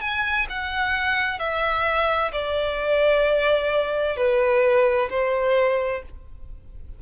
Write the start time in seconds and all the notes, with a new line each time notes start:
0.00 G#5
0.49 F#5
1.39 E5
2.32 D5
4.16 B4
5.09 C5